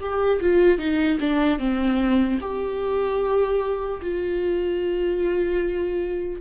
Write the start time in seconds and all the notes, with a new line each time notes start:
0.00 G4
0.41 F4
0.78 D#4
1.20 D4
1.59 C4
2.41 G4
4.01 F4